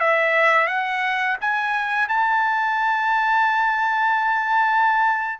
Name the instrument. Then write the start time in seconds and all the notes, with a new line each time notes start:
trumpet
0.00 E5
0.67 F#5
1.40 G#5
2.08 A5